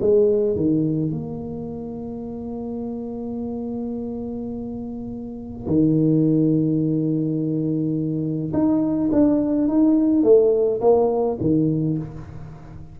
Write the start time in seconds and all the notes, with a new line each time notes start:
0.00 G#3
0.56 D#3
1.10 A#3
5.66 D#3
8.53 D#4
9.11 D4
9.68 D#4
10.23 A3
10.80 A#3
11.40 D#3